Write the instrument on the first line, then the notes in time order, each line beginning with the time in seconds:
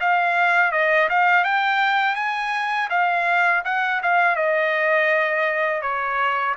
trumpet
0.00 F5
0.72 D#5
1.09 F5
1.44 G5
2.16 G#5
2.90 F5
3.65 F#5
4.02 F5
4.36 D#5
5.82 C#5